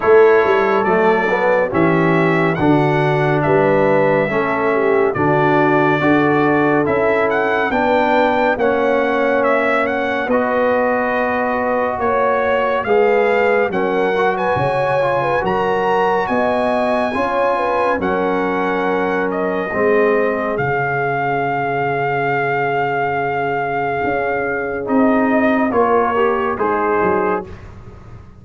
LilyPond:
<<
  \new Staff \with { instrumentName = "trumpet" } { \time 4/4 \tempo 4 = 70 cis''4 d''4 e''4 fis''4 | e''2 d''2 | e''8 fis''8 g''4 fis''4 e''8 fis''8 | dis''2 cis''4 f''4 |
fis''8. gis''4~ gis''16 ais''4 gis''4~ | gis''4 fis''4. dis''4. | f''1~ | f''4 dis''4 cis''4 c''4 | }
  \new Staff \with { instrumentName = "horn" } { \time 4/4 a'2 g'4 fis'4 | b'4 a'8 g'8 fis'4 a'4~ | a'4 b'4 cis''2 | b'2 cis''4 b'4 |
ais'8. b'16 cis''8. b'16 ais'4 dis''4 | cis''8 b'8 ais'2 gis'4~ | gis'1~ | gis'2 ais'4 dis'4 | }
  \new Staff \with { instrumentName = "trombone" } { \time 4/4 e'4 a8 b8 cis'4 d'4~ | d'4 cis'4 d'4 fis'4 | e'4 d'4 cis'2 | fis'2. gis'4 |
cis'8 fis'4 f'8 fis'2 | f'4 cis'2 c'4 | cis'1~ | cis'4 dis'4 f'8 g'8 gis'4 | }
  \new Staff \with { instrumentName = "tuba" } { \time 4/4 a8 g8 fis4 e4 d4 | g4 a4 d4 d'4 | cis'4 b4 ais2 | b2 ais4 gis4 |
fis4 cis4 fis4 b4 | cis'4 fis2 gis4 | cis1 | cis'4 c'4 ais4 gis8 fis8 | }
>>